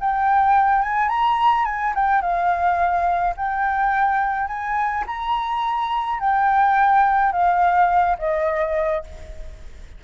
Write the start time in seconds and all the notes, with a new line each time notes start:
0.00 G5
0.82 G#5
1.08 A#5
1.65 G#5
1.95 G5
2.21 F5
3.36 G5
4.47 G#5
5.06 A#5
6.20 G5
7.32 F5
8.18 D#5